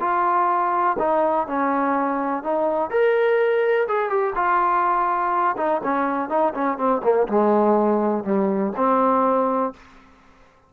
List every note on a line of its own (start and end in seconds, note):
0.00 0.97 F4
0.99 1.47 D#4
1.47 2.43 C#4
2.43 2.90 D#4
2.90 3.87 A#4
3.88 4.09 G#4
4.09 4.34 G4
4.35 5.56 F4
5.57 5.81 D#4
5.84 6.29 C#4
6.29 6.53 D#4
6.54 6.77 C#4
6.77 7.01 C4
7.03 7.27 A#3
7.28 8.24 G#3
8.24 8.72 G3
8.76 9.73 C4